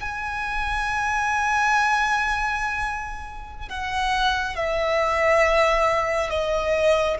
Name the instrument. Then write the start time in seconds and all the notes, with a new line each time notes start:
violin
0.00 G#5
3.69 F#5
4.56 E5
6.30 D#5